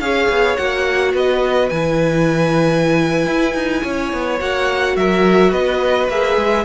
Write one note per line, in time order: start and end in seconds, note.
0.00 0.28 C#4
0.00 0.58 G#4
0.00 1.14 C#5
0.00 0.56 F5
0.29 0.58 B3
0.56 1.14 A#3
0.56 1.71 F#4
0.56 1.13 F#5
1.14 1.70 B3
1.14 3.83 B4
1.14 1.69 D#5
1.69 3.27 E3
1.69 4.40 E4
1.69 4.38 G#5
3.27 3.54 E4
3.54 3.82 D#4
3.83 4.13 C#4
3.83 4.96 C#5
4.13 4.41 B3
4.40 4.96 A#3
4.40 6.10 F#4
4.40 4.97 F#5
4.96 5.52 F#3
4.96 5.51 A#4
4.96 5.53 E5
5.51 6.08 B3
5.51 6.64 B4
5.51 6.09 D#5
6.08 6.37 A#3
6.08 6.65 G#4
6.08 6.65 E5
6.37 6.65 G#3